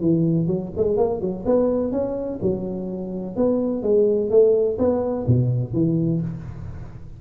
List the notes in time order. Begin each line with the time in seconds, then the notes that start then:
0.00 E3
0.46 F#3
0.76 G#3
0.97 A#3
1.21 F#3
1.45 B3
1.91 C#4
2.42 F#3
3.36 B3
3.82 G#3
4.30 A3
4.78 B3
5.27 B2
5.73 E3